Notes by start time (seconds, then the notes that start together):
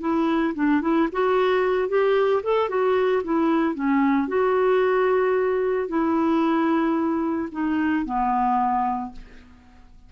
0.00 E4
0.55 D4
0.81 E4
1.12 F#4
1.88 G4
2.43 A4
2.69 F#4
3.24 E4
3.75 C#4
4.28 F#4
5.88 E4
7.52 D#4
8.05 B3